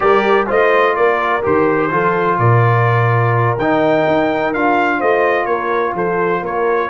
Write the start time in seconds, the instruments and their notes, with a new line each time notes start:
0.00 tuba G3, trombone G4, horn A#4, trumpet D5
0.46 tuba A3, trombone F4, horn C5, trumpet D#5
0.95 tuba A#3, horn A#4, trumpet D5
1.42 tuba D#3, trombone G4, trumpet C5
1.90 tuba F3, trombone F4, horn A4
2.38 tuba A#2, horn A#4, trumpet D5
3.57 tuba D#3, trombone D#4, trumpet G5
4.07 tuba D#4
4.53 tuba D4, trombone F4, trumpet F5
4.98 tuba A3, horn C5, trumpet D#5
5.45 tuba A#3, horn A#4, trumpet C#5
5.93 tuba F3, horn A4, trumpet C5
6.42 tuba A#3, horn A#4, trumpet C#5